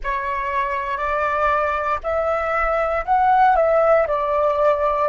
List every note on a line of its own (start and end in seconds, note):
0.03 0.97 C#5
0.97 1.99 D5
2.03 3.05 E5
3.05 3.56 F#5
3.56 4.07 E5
4.07 5.08 D5